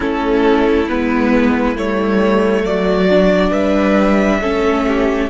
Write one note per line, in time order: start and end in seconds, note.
0.00 0.89 A3
0.00 0.86 C#4
0.00 2.62 E4
0.00 0.88 A4
0.88 1.76 G#3
0.88 1.76 B3
0.88 1.76 B4
1.76 2.63 G3
1.76 3.08 A3
1.76 2.65 C#5
2.63 3.51 F#3
2.63 3.50 F#4
2.63 3.52 D5
3.09 4.42 D4
3.50 4.41 G3
3.50 4.38 B4
3.50 5.29 E5
4.41 5.29 A3
4.41 5.29 C#4
4.41 4.85 A4
4.87 5.29 G4